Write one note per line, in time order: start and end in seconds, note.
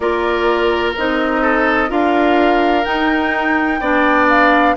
0.00 0.94 A#3
0.00 0.96 F4
0.00 1.42 A#4
0.00 0.92 D5
0.96 1.90 C4
0.96 1.88 D#4
0.96 1.90 D#5
1.42 1.89 A4
1.88 2.85 D4
1.88 2.83 F4
1.88 3.80 A#4
1.88 2.84 F5
2.84 3.80 D#4
2.84 4.27 G5
3.80 4.75 B3
3.80 4.76 D4
3.80 4.75 D5
4.28 4.76 F5